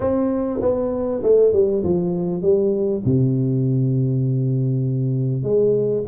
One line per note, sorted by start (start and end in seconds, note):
0.00 0.60 C4
0.61 1.22 B3
1.22 1.53 A3
1.53 1.83 G3
1.83 2.42 F3
2.42 3.02 G3
3.05 5.43 C3
5.43 6.04 G#3